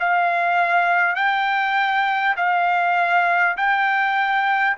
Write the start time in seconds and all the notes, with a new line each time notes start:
0.00 F5
1.16 G5
2.37 F5
3.57 G5